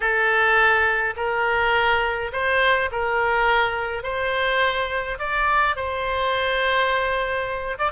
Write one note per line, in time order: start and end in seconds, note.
0.00 1.14 A4
1.16 2.31 A#4
2.32 2.90 C5
2.91 4.03 A#4
4.03 5.18 C5
5.18 5.76 D5
5.76 7.78 C5
7.78 7.91 D5